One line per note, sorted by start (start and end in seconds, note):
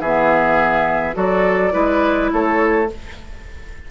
0.00 1.15 E3
0.00 1.14 B3
0.00 1.16 G#4
0.00 1.16 E5
1.14 1.73 F#3
1.14 1.71 F#4
1.14 1.73 A4
1.14 2.31 D5
1.71 2.32 G#3
1.71 2.87 E4
1.71 2.31 B4
2.33 2.90 A3
2.33 2.91 A4
2.33 2.90 C#5